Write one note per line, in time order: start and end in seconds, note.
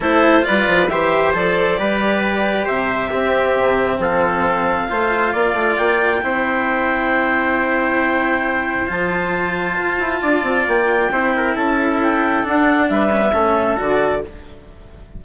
0.00 0.43 A3
0.00 0.41 E4
0.00 0.45 A4
0.00 0.44 C5
0.41 0.86 F4
0.41 0.91 B4
0.41 0.88 D5
0.49 0.67 G3
0.67 0.89 F3
0.88 1.34 E3
0.88 1.33 G4
0.88 1.79 C5
0.88 1.32 E5
1.33 1.78 F3
1.33 1.77 A4
1.33 2.67 D5
1.77 2.67 G3
1.77 3.10 G4
1.77 2.64 B4
2.64 3.12 C3
2.64 3.09 C5
2.64 4.00 E5
3.09 4.88 C4
3.09 3.57 C4
3.09 3.98 G4
3.57 3.98 C3
3.98 4.87 F3
3.98 4.89 A4
3.98 5.77 F5
4.88 5.34 A3
4.88 6.21 F4
4.88 5.32 C5
5.32 5.53 A#3
5.32 6.21 D5
5.53 5.75 A3
5.77 6.22 A#3
5.77 8.88 G5
6.22 8.89 C4
6.22 8.87 E4
6.22 10.21 C5
8.87 9.78 F3
8.87 11.09 F4
8.87 10.67 A5
9.79 9.99 F4
9.99 10.21 E4
10.21 10.42 D4
10.21 11.10 D5
10.42 10.64 C4
10.67 11.10 A#3
10.67 11.56 G5
11.10 11.55 C4
11.10 12.43 E4
11.10 11.34 C5
11.36 11.55 A#4
11.55 12.44 C#4
11.55 12.89 A4
11.55 12.00 A5
12.02 12.46 G5
12.43 13.10 D4
12.43 12.89 D4
12.43 12.89 F#5
12.89 13.34 G3
12.89 13.33 B4
12.89 13.77 E5
13.11 13.21 C#4
13.21 13.32 B3
13.32 13.78 A3
13.32 13.76 C#4
13.32 14.22 A4
13.76 14.24 D3
13.76 14.21 F#4
13.76 14.24 D5